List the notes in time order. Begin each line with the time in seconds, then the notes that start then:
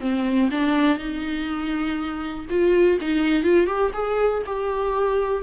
0.00 C4
0.51 D4
0.98 D#4
2.50 F4
3.01 D#4
3.43 F4
3.67 G4
3.93 G#4
4.46 G4